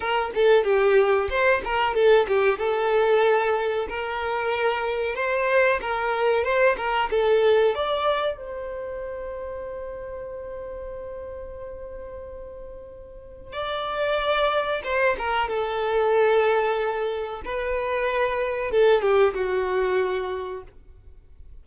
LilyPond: \new Staff \with { instrumentName = "violin" } { \time 4/4 \tempo 4 = 93 ais'8 a'8 g'4 c''8 ais'8 a'8 g'8 | a'2 ais'2 | c''4 ais'4 c''8 ais'8 a'4 | d''4 c''2.~ |
c''1~ | c''4 d''2 c''8 ais'8 | a'2. b'4~ | b'4 a'8 g'8 fis'2 | }